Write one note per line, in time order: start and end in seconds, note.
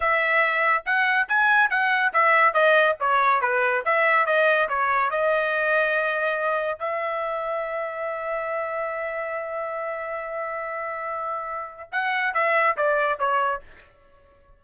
0.00 0.83 E5
0.85 1.28 F#5
1.28 1.69 G#5
1.69 2.12 F#5
2.13 2.53 E5
2.53 2.96 D#5
2.99 3.41 C#5
3.41 3.83 B4
3.85 4.26 E5
4.26 4.68 D#5
4.68 5.10 C#5
5.10 6.79 D#5
6.79 11.89 E5
11.92 12.34 F#5
12.34 12.76 E5
12.77 13.19 D5
13.19 13.62 C#5